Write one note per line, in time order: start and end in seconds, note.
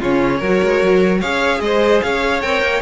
0.00 0.42 C#3
0.00 0.43 C#4
0.00 0.39 F4
0.00 1.21 C#5
0.39 0.62 F#3
0.39 1.23 F#4
0.39 1.19 A#4
0.64 0.82 G#3
0.82 1.23 F#3
1.20 1.61 C#4
1.20 2.42 G#4
1.20 1.60 C#5
1.20 1.61 F5
1.61 2.01 G#3
1.61 2.04 C5
1.61 2.01 D#5
2.02 2.44 C#4
2.02 2.82 C#5
2.02 2.42 F5
2.42 2.62 C4
2.42 2.82 A#4
2.42 2.82 G5
2.62 2.82 A#3